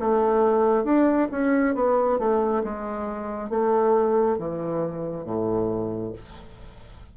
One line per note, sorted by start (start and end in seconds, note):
0.00 0.84 A3
0.84 1.28 D4
1.31 1.75 C#4
1.75 2.19 B3
2.19 2.63 A3
2.64 3.50 G#3
3.50 4.38 A3
4.38 5.25 E3
5.25 6.13 A2